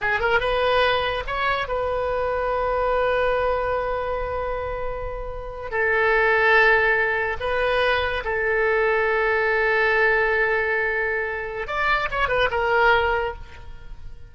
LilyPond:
\new Staff \with { instrumentName = "oboe" } { \time 4/4 \tempo 4 = 144 gis'8 ais'8 b'2 cis''4 | b'1~ | b'1~ | b'4.~ b'16 a'2~ a'16~ |
a'4.~ a'16 b'2 a'16~ | a'1~ | a'1 | d''4 cis''8 b'8 ais'2 | }